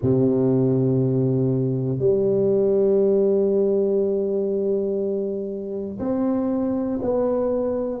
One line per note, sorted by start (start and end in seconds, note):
0.01 1.98 C3
1.98 5.98 G3
5.99 6.99 C4
7.01 8.00 B3